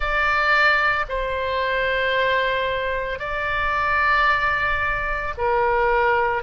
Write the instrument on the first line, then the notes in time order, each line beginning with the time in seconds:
oboe
0.00 D5
1.08 C5
3.19 D5
5.37 A#4